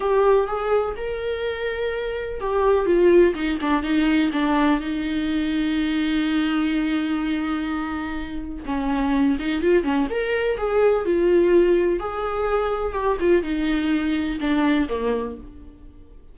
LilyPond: \new Staff \with { instrumentName = "viola" } { \time 4/4 \tempo 4 = 125 g'4 gis'4 ais'2~ | ais'4 g'4 f'4 dis'8 d'8 | dis'4 d'4 dis'2~ | dis'1~ |
dis'2 cis'4. dis'8 | f'8 cis'8 ais'4 gis'4 f'4~ | f'4 gis'2 g'8 f'8 | dis'2 d'4 ais4 | }